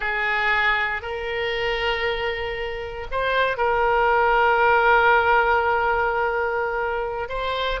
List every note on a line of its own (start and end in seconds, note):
0.00 1.02 G#4
1.02 3.07 A#4
3.11 3.57 C5
3.57 7.28 A#4
7.28 7.80 C5